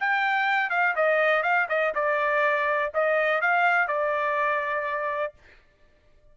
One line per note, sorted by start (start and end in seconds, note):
0.00 0.70 G5
0.70 0.94 F5
0.96 1.43 D#5
1.43 1.67 F5
1.69 1.93 D#5
1.95 2.92 D5
2.94 3.41 D#5
3.41 3.88 F5
3.88 5.34 D5